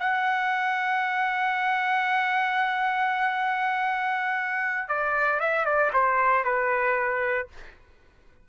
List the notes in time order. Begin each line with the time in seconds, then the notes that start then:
0.00 F#5
4.89 D5
5.41 E5
5.66 D5
5.94 C5
6.45 B4